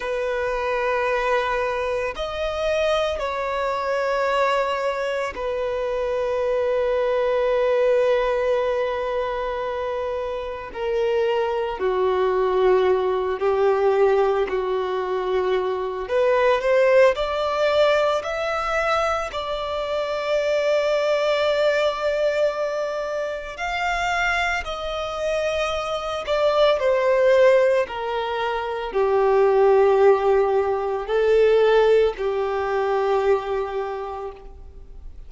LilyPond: \new Staff \with { instrumentName = "violin" } { \time 4/4 \tempo 4 = 56 b'2 dis''4 cis''4~ | cis''4 b'2.~ | b'2 ais'4 fis'4~ | fis'8 g'4 fis'4. b'8 c''8 |
d''4 e''4 d''2~ | d''2 f''4 dis''4~ | dis''8 d''8 c''4 ais'4 g'4~ | g'4 a'4 g'2 | }